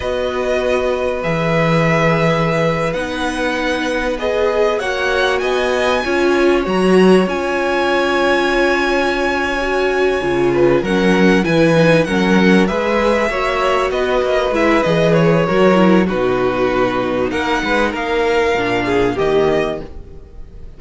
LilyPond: <<
  \new Staff \with { instrumentName = "violin" } { \time 4/4 \tempo 4 = 97 dis''2 e''2~ | e''8. fis''2 dis''4 fis''16~ | fis''8. gis''2 ais''4 gis''16~ | gis''1~ |
gis''4. fis''4 gis''4 fis''8~ | fis''8 e''2 dis''4 e''8 | dis''8 cis''4. b'2 | fis''4 f''2 dis''4 | }
  \new Staff \with { instrumentName = "violin" } { \time 4/4 b'1~ | b'2.~ b'8. cis''16~ | cis''8. dis''4 cis''2~ cis''16~ | cis''1~ |
cis''4 b'8 ais'4 b'4 ais'8~ | ais'8 b'4 cis''4 b'4.~ | b'4 ais'4 fis'2 | ais'8 b'8 ais'4. gis'8 g'4 | }
  \new Staff \with { instrumentName = "viola" } { \time 4/4 fis'2 gis'2~ | gis'8. dis'2 gis'4 fis'16~ | fis'4.~ fis'16 f'4 fis'4 f'16~ | f'2.~ f'8 fis'8~ |
fis'8 f'4 cis'4 e'8 dis'8 cis'8~ | cis'8 gis'4 fis'2 e'8 | gis'4 fis'8 e'8 dis'2~ | dis'2 d'4 ais4 | }
  \new Staff \with { instrumentName = "cello" } { \time 4/4 b2 e2~ | e8. b2. ais16~ | ais8. b4 cis'4 fis4 cis'16~ | cis'1~ |
cis'8 cis4 fis4 e4 fis8~ | fis8 gis4 ais4 b8 ais8 gis8 | e4 fis4 b,2 | ais8 gis8 ais4 ais,4 dis4 | }
>>